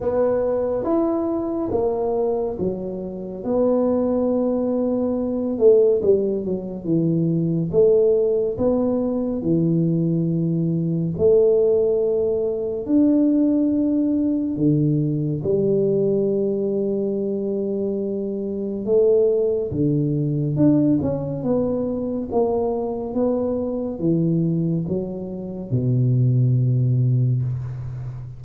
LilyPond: \new Staff \with { instrumentName = "tuba" } { \time 4/4 \tempo 4 = 70 b4 e'4 ais4 fis4 | b2~ b8 a8 g8 fis8 | e4 a4 b4 e4~ | e4 a2 d'4~ |
d'4 d4 g2~ | g2 a4 d4 | d'8 cis'8 b4 ais4 b4 | e4 fis4 b,2 | }